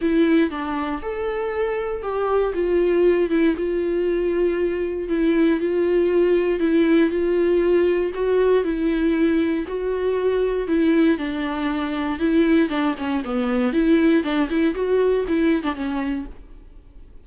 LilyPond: \new Staff \with { instrumentName = "viola" } { \time 4/4 \tempo 4 = 118 e'4 d'4 a'2 | g'4 f'4. e'8 f'4~ | f'2 e'4 f'4~ | f'4 e'4 f'2 |
fis'4 e'2 fis'4~ | fis'4 e'4 d'2 | e'4 d'8 cis'8 b4 e'4 | d'8 e'8 fis'4 e'8. d'16 cis'4 | }